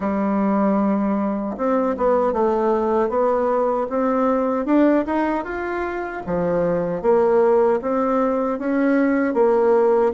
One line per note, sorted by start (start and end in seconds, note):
0.00 1.56 G3
1.57 1.96 C4
1.97 2.32 B3
2.32 3.09 A3
3.09 3.87 B3
3.89 4.65 C4
4.65 5.04 D4
5.05 5.44 D#4
5.44 6.22 F4
6.26 7.02 F3
7.02 7.80 A#3
7.81 8.59 C4
8.59 9.34 C#4
9.34 10.12 A#3